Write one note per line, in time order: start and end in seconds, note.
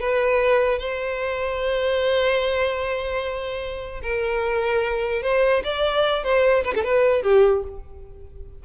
0.00 0.79 B4
0.79 4.01 C5
4.02 5.23 A#4
5.23 5.63 C5
5.64 6.24 D5
6.24 6.64 C5
6.64 6.74 B4
6.75 6.84 A4
6.84 7.23 B4
7.23 7.63 G4